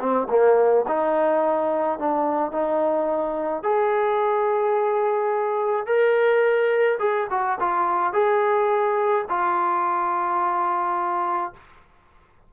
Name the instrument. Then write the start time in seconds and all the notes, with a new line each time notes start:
trombone
0.00 C4
0.29 A#3
0.88 D#4
1.99 D4
2.52 D#4
3.63 G#4
5.86 A#4
6.99 G#4
7.30 F#4
7.60 F4
8.13 G#4
9.29 F4